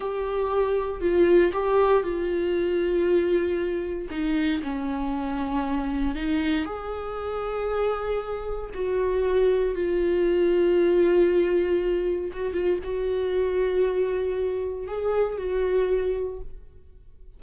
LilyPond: \new Staff \with { instrumentName = "viola" } { \time 4/4 \tempo 4 = 117 g'2 f'4 g'4 | f'1 | dis'4 cis'2. | dis'4 gis'2.~ |
gis'4 fis'2 f'4~ | f'1 | fis'8 f'8 fis'2.~ | fis'4 gis'4 fis'2 | }